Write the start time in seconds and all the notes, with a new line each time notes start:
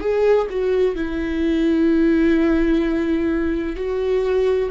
0.00 G#4
0.50 F#4
0.95 E4
3.76 F#4